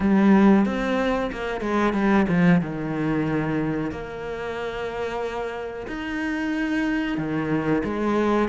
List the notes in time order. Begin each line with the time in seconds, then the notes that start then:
0.00 G3
0.65 C4
1.32 A#3
1.60 G#3
1.93 G3
2.28 F3
2.61 D#3
3.91 A#3
5.87 D#4
7.17 D#3
7.83 G#3